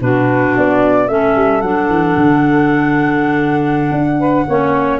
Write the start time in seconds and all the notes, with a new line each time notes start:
0.00 B2 D4 F#4 B4
0.56 B3 D5
1.08 A3 C#4 A4 E5
1.35 G3
1.61 F#3 D4 F#5
1.89 E3
2.17 D3
3.91 D4
4.19 B4
4.47 A#3 C#4 C#5